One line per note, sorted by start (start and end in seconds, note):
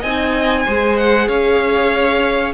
0.00 0.66 C4
0.00 0.67 D#4
0.00 0.63 D#5
0.00 0.97 G#5
0.65 1.28 G#3
0.65 2.54 G#4
0.65 1.28 C5
0.97 1.28 F#5
1.28 2.54 C#4
1.28 2.54 C#5
1.28 2.54 F5